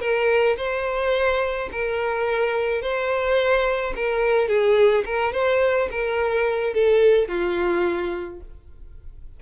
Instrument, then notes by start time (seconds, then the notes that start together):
violin
0.00 A#4
0.57 C5
1.72 A#4
2.82 C5
3.96 A#4
4.48 G#4
5.05 A#4
5.33 C5
5.91 A#4
6.73 A4
7.28 F4